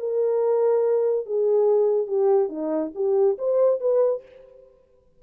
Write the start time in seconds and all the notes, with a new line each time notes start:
0.00 A#4
1.26 G#4
2.08 G4
2.49 D#4
2.96 G4
3.39 C5
3.81 B4